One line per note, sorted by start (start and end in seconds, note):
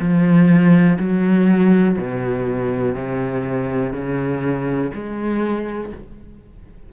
0.00 0.98 F3
0.99 1.97 F#3
1.98 2.96 B2
2.96 3.93 C3
3.93 4.91 C#3
4.94 5.93 G#3